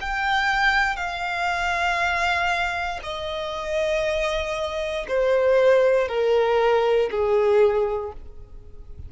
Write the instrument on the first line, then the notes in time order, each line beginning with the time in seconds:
violin
0.00 G5
0.96 F5
3.03 D#5
5.08 C5
6.08 A#4
7.10 G#4